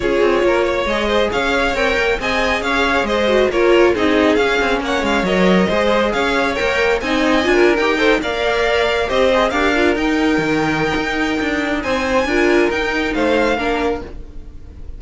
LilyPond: <<
  \new Staff \with { instrumentName = "violin" } { \time 4/4 \tempo 4 = 137 cis''2 dis''4 f''4 | g''4 gis''4 f''4 dis''4 | cis''4 dis''4 f''4 fis''8 f''8 | dis''2 f''4 g''4 |
gis''4.~ gis''16 g''4 f''4~ f''16~ | f''8. dis''4 f''4 g''4~ g''16~ | g''2. gis''4~ | gis''4 g''4 f''2 | }
  \new Staff \with { instrumentName = "violin" } { \time 4/4 gis'4 ais'8 cis''4 c''8 cis''4~ | cis''4 dis''4 cis''4 c''4 | ais'4 gis'2 cis''4~ | cis''4 c''4 cis''2 |
dis''4~ dis''16 ais'4 c''8 d''4~ d''16~ | d''8. c''4 ais'2~ ais'16~ | ais'2. c''4 | ais'2 c''4 ais'4 | }
  \new Staff \with { instrumentName = "viola" } { \time 4/4 f'2 gis'2 | ais'4 gis'2~ gis'8 fis'8 | f'4 dis'4 cis'2 | ais'4 gis'2 ais'4 |
dis'4 f'8. g'8 a'8 ais'4~ ais'16~ | ais'8. g'8 gis'8 g'8 f'8 dis'4~ dis'16~ | dis'1 | f'4 dis'2 d'4 | }
  \new Staff \with { instrumentName = "cello" } { \time 4/4 cis'8 c'8 ais4 gis4 cis'4 | c'8 ais8 c'4 cis'4 gis4 | ais4 c'4 cis'8 c'8 ais8 gis8 | fis4 gis4 cis'4 ais4 |
c'4 d'8. dis'4 ais4~ ais16~ | ais8. c'4 d'4 dis'4 dis16~ | dis4 dis'4 d'4 c'4 | d'4 dis'4 a4 ais4 | }
>>